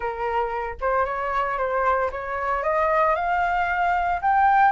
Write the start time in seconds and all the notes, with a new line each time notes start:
0.00 A#4
0.80 C5
1.05 C#5
1.58 C5
2.11 C#5
2.63 D#5
3.15 F5
4.21 G5